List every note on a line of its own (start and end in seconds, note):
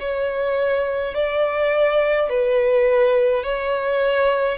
0.00 1.14 C#5
1.14 2.30 D5
2.30 3.44 B4
3.44 4.58 C#5